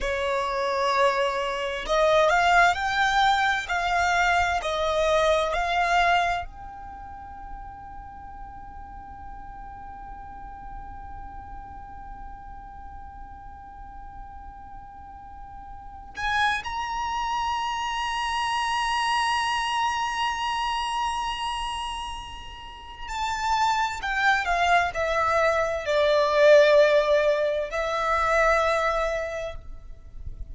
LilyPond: \new Staff \with { instrumentName = "violin" } { \time 4/4 \tempo 4 = 65 cis''2 dis''8 f''8 g''4 | f''4 dis''4 f''4 g''4~ | g''1~ | g''1~ |
g''4. gis''8 ais''2~ | ais''1~ | ais''4 a''4 g''8 f''8 e''4 | d''2 e''2 | }